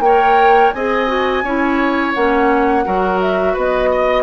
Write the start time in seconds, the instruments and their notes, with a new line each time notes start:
0.00 bassoon A#3, clarinet A#4, oboe C#5, flute G5
0.72 bassoon C4, clarinet G#4, oboe D#5, flute G#5
1.07 clarinet F#4
1.44 bassoon C#4, clarinet E4, oboe C#5
2.14 bassoon A#3, clarinet C#4, flute F#5
2.85 bassoon F#3, clarinet F#4, oboe A#4
3.21 flute E5
3.54 bassoon B3, oboe B4, flute D#5
3.92 oboe D#5